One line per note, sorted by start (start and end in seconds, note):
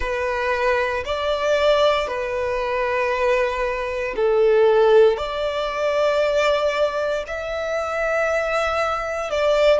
0.00 1.03 B4
1.05 2.07 D5
2.07 4.14 B4
4.16 5.17 A4
5.17 7.24 D5
7.27 9.30 E5
9.30 9.80 D5